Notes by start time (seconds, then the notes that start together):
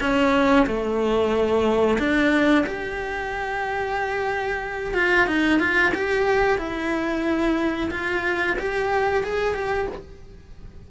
0.00 C#4
0.66 A3
1.99 D4
2.66 G4
4.94 F4
5.27 D#4
5.59 F4
5.94 G4
6.58 E4
7.91 F4
8.58 G4
9.23 G#4
9.54 G4